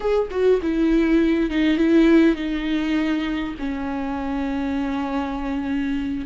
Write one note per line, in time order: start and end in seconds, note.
0.00 0.28 G#4
0.31 0.60 F#4
0.62 1.50 E4
1.50 1.77 D#4
1.77 2.35 E4
2.35 3.54 D#4
3.59 6.25 C#4